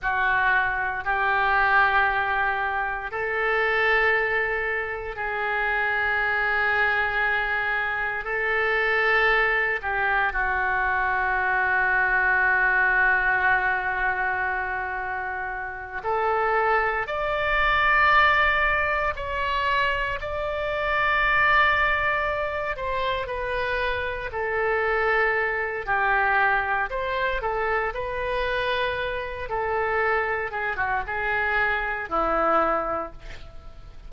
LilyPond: \new Staff \with { instrumentName = "oboe" } { \time 4/4 \tempo 4 = 58 fis'4 g'2 a'4~ | a'4 gis'2. | a'4. g'8 fis'2~ | fis'2.~ fis'8 a'8~ |
a'8 d''2 cis''4 d''8~ | d''2 c''8 b'4 a'8~ | a'4 g'4 c''8 a'8 b'4~ | b'8 a'4 gis'16 fis'16 gis'4 e'4 | }